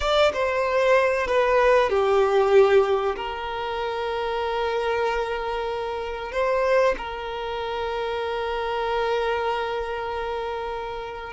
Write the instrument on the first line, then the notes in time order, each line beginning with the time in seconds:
violin
0.00 D5
0.33 C5
1.27 B4
1.89 G4
3.16 A#4
6.32 C5
6.97 A#4